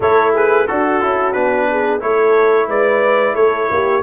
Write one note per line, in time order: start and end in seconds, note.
0.00 0.66 A3
0.00 0.68 E4
0.00 0.33 A4
0.00 0.35 C#5
0.33 0.67 G#4
0.33 0.67 B4
0.67 1.02 D4
0.67 1.01 F#4
0.67 1.69 F#4
0.67 1.33 A4
1.01 1.35 C#4
1.01 1.33 E4
1.33 2.02 B3
1.33 1.99 D4
1.33 2.00 B4
1.70 2.04 G#4
1.99 2.68 A3
1.99 4.02 E4
1.99 2.69 C#5
2.05 2.68 A4
2.68 3.35 G#3
2.68 3.34 B4
2.68 3.35 D5
3.34 3.69 A3
3.34 3.68 A4
3.34 4.02 C#5
3.70 4.03 A#3
3.70 4.03 G4